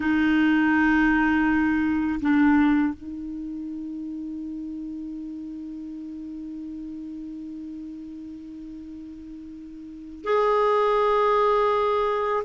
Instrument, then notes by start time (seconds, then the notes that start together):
clarinet
0.00 D#4
2.21 D4
2.94 D#4
10.24 G#4